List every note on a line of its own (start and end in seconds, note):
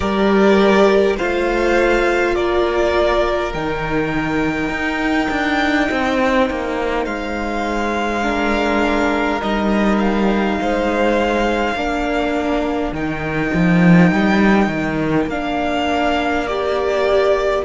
0.00 1.18 G3
0.00 1.17 G4
0.00 1.16 A#4
0.00 1.16 D5
1.16 2.37 A3
1.16 3.53 F4
1.16 2.34 C5
1.16 2.35 F5
2.35 3.53 A#3
2.35 5.88 A#4
2.35 3.52 D5
3.53 4.69 D#3
3.53 8.22 D#4
3.53 7.05 G5
4.69 5.27 D#4
5.30 5.89 D4
5.88 6.50 C4
5.88 8.23 C5
6.50 7.06 A#3
7.05 9.41 G#3
7.05 9.40 F5
8.22 9.39 D4
8.22 10.58 A#4
9.40 10.59 G3
9.40 11.75 D#4
9.40 9.99 D#5
9.99 12.93 F5
10.61 11.75 G#3
10.61 11.77 C5
11.75 12.92 A#3
11.75 12.94 D4
11.75 17.64 A#4
12.92 13.51 D#3
12.92 15.29 D#4
12.92 15.29 G5
13.54 14.11 F3
14.11 14.67 G3
14.67 15.26 D#3
15.26 17.61 A#3
15.26 16.47 D4
15.26 16.46 F5
16.46 17.64 G4
16.46 17.64 D5